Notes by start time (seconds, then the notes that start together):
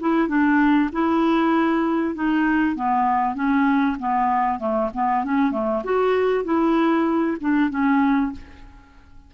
0.00 E4
0.28 D4
0.93 E4
2.15 D#4
2.76 B3
3.35 C#4
4.00 B3
4.59 A3
4.94 B3
5.24 C#4
5.52 A3
5.84 F#4
6.45 E4
7.41 D4
7.70 C#4